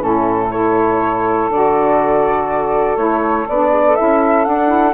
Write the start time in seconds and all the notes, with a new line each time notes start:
0.00 A2 C#4 E4 A4
0.50 E4 A4 C#5
1.50 D3 F#4 D5
2.97 A3 E4 C#5
3.49 B3 D4 D5
3.70 G#4
3.85 A4
3.96 C#4 E4 E5
4.45 D4 F#5
4.67 E4